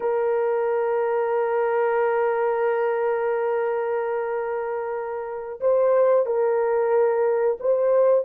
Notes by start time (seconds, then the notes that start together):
0.00 A#4
5.60 C5
6.26 A#4
7.59 C5